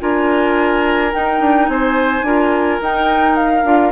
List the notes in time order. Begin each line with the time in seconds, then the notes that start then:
0.00 D4 F4 A#4 G#5
1.12 D#4 G5
1.41 D4
1.68 C4 C5 G#5
2.23 D4 F4 A#4
2.82 D#4 G5
3.36 F5
3.64 D4 F4